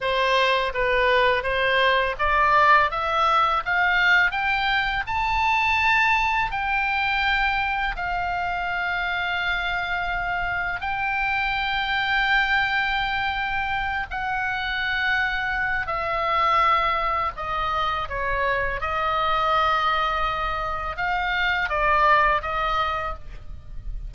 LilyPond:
\new Staff \with { instrumentName = "oboe" } { \time 4/4 \tempo 4 = 83 c''4 b'4 c''4 d''4 | e''4 f''4 g''4 a''4~ | a''4 g''2 f''4~ | f''2. g''4~ |
g''2.~ g''8 fis''8~ | fis''2 e''2 | dis''4 cis''4 dis''2~ | dis''4 f''4 d''4 dis''4 | }